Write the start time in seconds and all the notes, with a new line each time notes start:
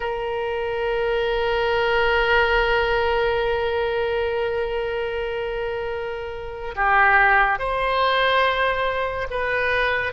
0.00 A#4
6.75 G4
7.58 C5
9.30 B4